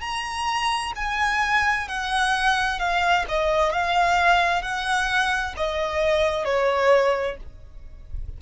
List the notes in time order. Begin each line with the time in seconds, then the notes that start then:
0.00 A#5
0.96 G#5
1.88 F#5
2.79 F5
3.28 D#5
3.73 F5
4.62 F#5
5.57 D#5
6.44 C#5